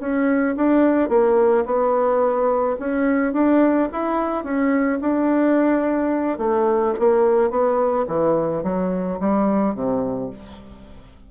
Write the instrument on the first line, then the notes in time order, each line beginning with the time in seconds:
bassoon
0.00 C#4
0.57 D4
1.09 A#3
1.66 B3
2.80 C#4
3.33 D4
3.92 E4
4.44 C#4
5.02 D4
6.39 A3
6.99 A#3
7.50 B3
8.08 E3
8.63 F#3
9.20 G3
9.75 C3